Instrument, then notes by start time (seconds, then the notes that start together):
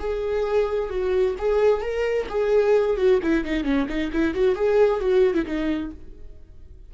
viola
0.00 G#4
0.90 F#4
1.39 G#4
1.82 A#4
2.30 G#4
2.98 F#4
3.23 E4
3.45 D#4
3.64 C#4
3.89 D#4
4.13 E4
4.35 F#4
4.56 G#4
5.01 F#4
5.34 E4
5.46 D#4